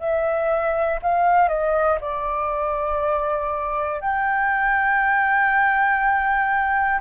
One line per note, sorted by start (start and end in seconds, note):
0.00 1.00 E5
1.02 1.48 F5
1.48 1.98 D#5
2.00 4.00 D5
4.00 7.00 G5